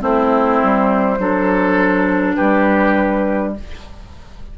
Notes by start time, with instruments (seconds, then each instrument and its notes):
0.00 bassoon A3, clarinet C4, oboe E4, flute C5
0.62 bassoon G3
1.18 bassoon F#3, clarinet D4, oboe A4
2.35 bassoon G3, oboe G4, flute B4